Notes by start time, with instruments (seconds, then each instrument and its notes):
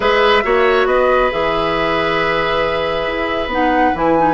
0.00 bassoon G#3, clarinet G#4, oboe B4, flute E5
0.43 bassoon A#3, clarinet F#4, oboe C#5
0.86 bassoon B3, oboe B4, flute D#5
1.31 bassoon E3, clarinet G#4, flute E5
3.07 bassoon E4
3.47 bassoon B3, clarinet D#4, flute F#5
3.94 bassoon E3, clarinet E4, flute G#5
4.17 clarinet D#4